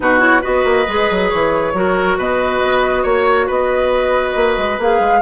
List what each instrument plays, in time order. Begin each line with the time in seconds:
0.00 bassoon B2, clarinet D#4, oboe F#4, flute B4
0.19 clarinet E4, flute C#5
0.41 bassoon B3, clarinet F#4, oboe B4, flute D#5
0.64 bassoon A#3
0.87 bassoon G#3, clarinet G#4
1.10 bassoon F#3
1.29 bassoon E3, flute C#5
1.73 bassoon F#3, clarinet F#4, oboe A#4
2.17 bassoon B2, oboe B4, flute D#5
2.62 bassoon B3
3.02 bassoon A#3, oboe C#5, flute C#5
3.46 bassoon B3, oboe B4, flute D#5
4.35 bassoon A#3
4.58 bassoon G#3
4.78 bassoon A#3, clarinet G#4, flute F5
4.99 bassoon G#3